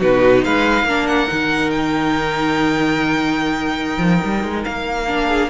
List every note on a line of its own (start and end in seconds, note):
0.00 0.44 B2
0.00 0.87 D#4
0.00 0.43 F#4
0.00 0.45 B4
0.45 0.84 G#3
0.45 0.87 B4
0.45 1.08 F5
0.84 1.27 A#3
0.84 1.29 D4
0.84 5.27 A#4
1.08 1.71 F#5
1.29 3.98 D#3
1.29 5.06 D#4
1.71 4.62 G5
3.98 4.20 F3
4.25 4.44 G3
4.44 4.65 G#3
4.65 5.50 A#3
4.65 5.50 F5
5.08 5.50 D4
5.27 5.48 G#4